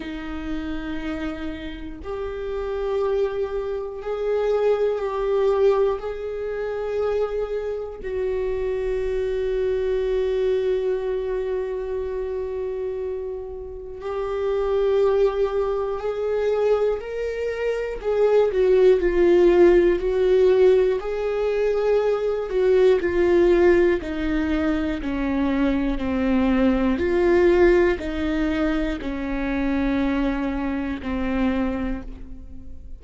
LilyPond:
\new Staff \with { instrumentName = "viola" } { \time 4/4 \tempo 4 = 60 dis'2 g'2 | gis'4 g'4 gis'2 | fis'1~ | fis'2 g'2 |
gis'4 ais'4 gis'8 fis'8 f'4 | fis'4 gis'4. fis'8 f'4 | dis'4 cis'4 c'4 f'4 | dis'4 cis'2 c'4 | }